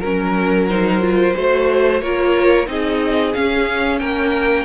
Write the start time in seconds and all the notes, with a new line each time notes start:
0.00 F#3 C#4 A#4
0.69 D#4 C5
1.02 F4
1.35 A3 F#4 C5
2.01 A#3 F4 A#4 C#5
2.66 C4 D#4 G#4 D#5
3.34 C#4 F5
3.99 A#3 A#4 G5